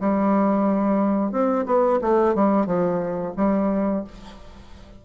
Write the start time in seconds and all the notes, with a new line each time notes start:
0.00 G3
1.31 C4
1.66 B3
2.01 A3
2.35 G3
2.66 F3
3.37 G3